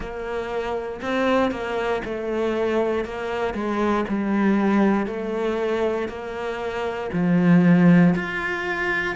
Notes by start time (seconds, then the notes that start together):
0.00 A#3
1.01 C4
1.51 A#3
2.04 A3
3.04 A#3
3.54 G#3
4.08 G3
5.06 A3
6.08 A#3
7.12 F3
8.14 F4